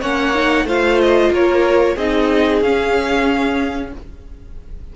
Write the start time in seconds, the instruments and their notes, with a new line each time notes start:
0.00 cello A#3, viola C#4, violin C#5 F#5
0.34 viola D#4
0.65 cello A3, viola F4, violin C5 F5
1.01 violin D#5
1.31 cello A#3, violin A#4 C#5
1.94 cello C4, viola D#4, violin G#4 D#5
2.61 cello C#4, viola C#4, violin F5